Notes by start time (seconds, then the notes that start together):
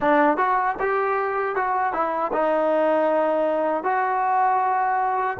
0.00 D4
0.37 F#4
0.79 G4
1.55 F#4
1.93 E4
2.33 D#4
3.83 F#4